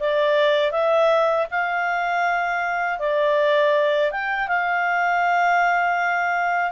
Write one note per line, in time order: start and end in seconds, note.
0.00 0.72 D5
0.72 1.47 E5
1.51 2.99 F5
2.99 4.11 D5
4.11 4.48 G5
4.48 6.72 F5